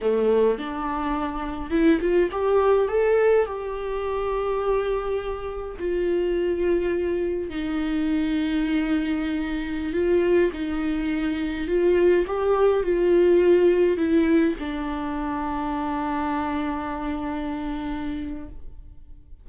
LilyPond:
\new Staff \with { instrumentName = "viola" } { \time 4/4 \tempo 4 = 104 a4 d'2 e'8 f'8 | g'4 a'4 g'2~ | g'2 f'2~ | f'4 dis'2.~ |
dis'4~ dis'16 f'4 dis'4.~ dis'16~ | dis'16 f'4 g'4 f'4.~ f'16~ | f'16 e'4 d'2~ d'8.~ | d'1 | }